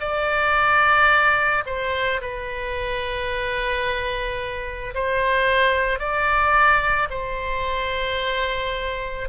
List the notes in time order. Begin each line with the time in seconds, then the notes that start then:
0.00 D5
1.66 C5
2.21 B4
4.94 C5
6.00 D5
7.11 C5